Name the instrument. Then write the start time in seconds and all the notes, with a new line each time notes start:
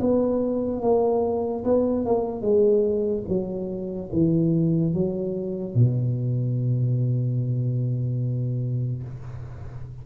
tuba
0.00 B3
0.82 A#3
1.64 B3
2.05 A#3
2.42 G#3
3.28 F#3
4.12 E3
4.94 F#3
5.75 B2